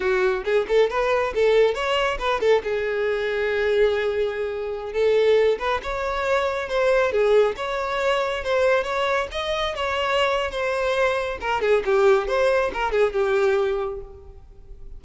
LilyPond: \new Staff \with { instrumentName = "violin" } { \time 4/4 \tempo 4 = 137 fis'4 gis'8 a'8 b'4 a'4 | cis''4 b'8 a'8 gis'2~ | gis'2.~ gis'16 a'8.~ | a'8. b'8 cis''2 c''8.~ |
c''16 gis'4 cis''2 c''8.~ | c''16 cis''4 dis''4 cis''4.~ cis''16 | c''2 ais'8 gis'8 g'4 | c''4 ais'8 gis'8 g'2 | }